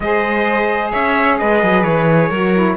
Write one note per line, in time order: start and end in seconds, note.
0.00 0.92 G#3
0.00 2.33 G#4
0.00 0.91 C5
0.00 0.91 D#5
0.91 1.41 C#4
0.91 1.37 C#5
0.91 1.38 E5
1.38 1.63 G#3
1.38 2.28 B4
1.38 1.83 D#5
1.63 1.83 F#3
1.83 2.29 E3
1.83 2.76 C#5
2.28 2.76 F#3
2.28 2.54 F#4
2.28 2.75 A#4
2.54 2.76 E4